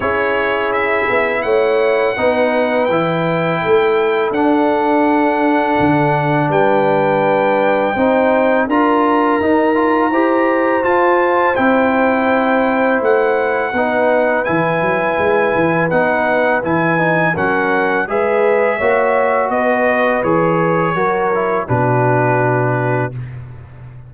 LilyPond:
<<
  \new Staff \with { instrumentName = "trumpet" } { \time 4/4 \tempo 4 = 83 cis''4 e''4 fis''2 | g''2 fis''2~ | fis''4 g''2. | ais''2. a''4 |
g''2 fis''2 | gis''2 fis''4 gis''4 | fis''4 e''2 dis''4 | cis''2 b'2 | }
  \new Staff \with { instrumentName = "horn" } { \time 4/4 gis'2 cis''4 b'4~ | b'4 a'2.~ | a'4 b'2 c''4 | ais'2 c''2~ |
c''2. b'4~ | b'1 | ais'4 b'4 cis''4 b'4~ | b'4 ais'4 fis'2 | }
  \new Staff \with { instrumentName = "trombone" } { \time 4/4 e'2. dis'4 | e'2 d'2~ | d'2. dis'4 | f'4 dis'8 f'8 g'4 f'4 |
e'2. dis'4 | e'2 dis'4 e'8 dis'8 | cis'4 gis'4 fis'2 | gis'4 fis'8 e'8 d'2 | }
  \new Staff \with { instrumentName = "tuba" } { \time 4/4 cis'4. b8 a4 b4 | e4 a4 d'2 | d4 g2 c'4 | d'4 dis'4 e'4 f'4 |
c'2 a4 b4 | e8 fis8 gis8 e8 b4 e4 | fis4 gis4 ais4 b4 | e4 fis4 b,2 | }
>>